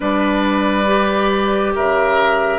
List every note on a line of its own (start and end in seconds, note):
0.00 1.74 G3
0.00 0.86 D4
0.00 1.73 B4
0.00 1.74 D5
0.86 2.59 G4
1.75 2.59 C#3
1.75 2.59 A#4
1.75 2.59 E5